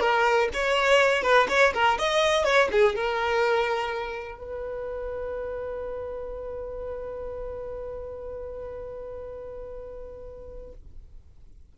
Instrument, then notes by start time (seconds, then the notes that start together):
violin
0.00 A#4
0.53 C#5
1.23 B4
1.49 C#5
1.73 A#4
1.98 D#5
2.44 C#5
2.71 G#4
2.95 A#4
4.38 B4